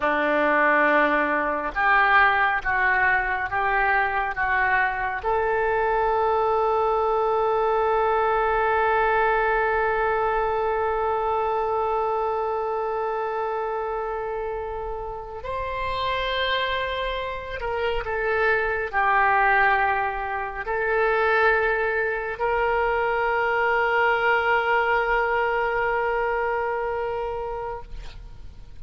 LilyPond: \new Staff \with { instrumentName = "oboe" } { \time 4/4 \tempo 4 = 69 d'2 g'4 fis'4 | g'4 fis'4 a'2~ | a'1~ | a'1~ |
a'4.~ a'16 c''2~ c''16~ | c''16 ais'8 a'4 g'2 a'16~ | a'4.~ a'16 ais'2~ ais'16~ | ais'1 | }